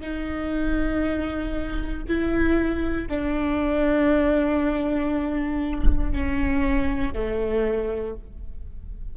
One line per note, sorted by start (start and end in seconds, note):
0.00 2.03 D#4
2.08 3.08 E4
3.08 6.12 D4
6.12 7.13 C#4
7.13 8.15 A3